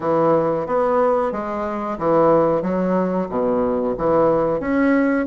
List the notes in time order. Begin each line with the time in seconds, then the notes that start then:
0.00 E3
0.66 B3
1.32 G#3
1.98 E3
2.62 F#3
3.29 B2
3.97 E3
4.60 C#4